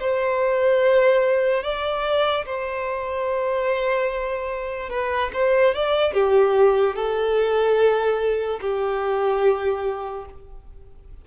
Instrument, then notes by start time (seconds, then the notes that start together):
violin
0.00 C5
1.63 D5
2.46 C5
4.90 B4
5.33 C5
5.75 D5
6.13 G4
6.96 A4
8.61 G4